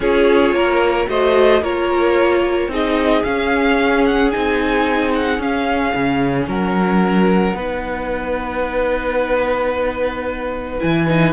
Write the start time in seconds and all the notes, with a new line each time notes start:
0.00 C#4 F4 G#4 C#5
0.52 A#3 A#4
1.07 A3 F#4 C5 D#5
1.62 A#3 F4 A#4 C#5
2.67 C4 D#4 G#4 D#5
3.23 C#4 F5
4.06 F#5
4.31 C4 D#4 G#5
5.14 F#5
5.38 C#4 F5
5.94 C#3
6.47 F#3 A#4 F#5
7.53 B3 D#4 B4
10.80 E3 E4 G#5
11.07 D#4